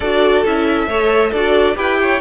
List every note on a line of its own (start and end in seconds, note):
0.00 0.44 D4
0.00 0.46 F#4
0.00 0.88 A4
0.00 0.44 D5
0.45 0.87 C#4
0.45 0.90 E4
0.45 1.32 E5
0.87 1.31 A3
0.87 1.34 A4
0.87 1.30 C#5
1.30 1.76 D4
1.30 1.75 F#4
1.30 1.75 A4
1.30 1.76 D5
1.75 2.21 E4
1.75 2.19 G4
1.75 1.98 B4
1.75 2.21 G5
2.01 2.21 C#5